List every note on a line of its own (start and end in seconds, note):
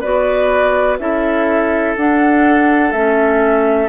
0.00 0.99 B3
0.00 0.99 F#4
0.00 0.97 B4
0.00 0.97 D5
0.98 1.96 C#4
0.98 1.96 E4
0.98 3.89 A4
0.98 1.95 E5
1.96 2.92 D4
1.96 2.94 D4
1.96 2.92 F#5
2.92 3.89 A3
2.92 3.89 C#4
2.92 3.88 E5